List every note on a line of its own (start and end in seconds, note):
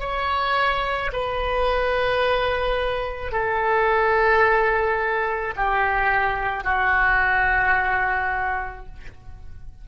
0.00 1.11 C#5
1.13 3.32 B4
3.32 5.54 A4
5.56 6.64 G4
6.64 8.86 F#4